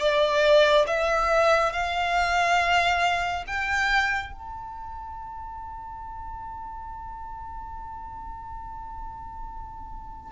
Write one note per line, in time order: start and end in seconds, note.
0.00 0.86 D5
0.87 1.73 E5
1.73 3.44 F5
3.48 4.33 G5
4.33 10.32 A5